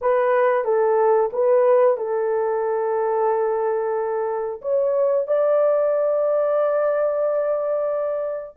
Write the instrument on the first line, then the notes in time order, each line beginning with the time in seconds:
horn
0.01 B4
0.64 A4
1.32 B4
1.97 A4
4.61 C#5
5.27 D5